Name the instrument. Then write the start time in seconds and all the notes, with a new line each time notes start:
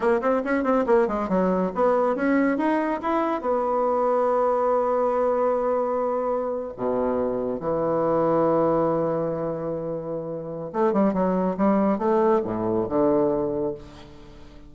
bassoon
0.00 A#3
0.21 C4
0.44 C#4
0.63 C4
0.86 A#3
1.07 G#3
1.28 F#3
1.75 B3
2.15 C#4
2.57 D#4
3.02 E4
3.41 B3
6.76 B2
7.60 E3
10.73 A3
10.92 G3
11.13 F#3
11.57 G3
11.98 A3
12.44 A2
12.88 D3